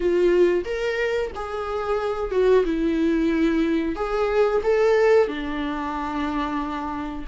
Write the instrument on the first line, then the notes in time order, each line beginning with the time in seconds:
viola
0.00 F4
0.64 A#4
1.35 G#4
2.31 F#4
2.64 E4
3.95 G#4
4.63 A4
5.27 D4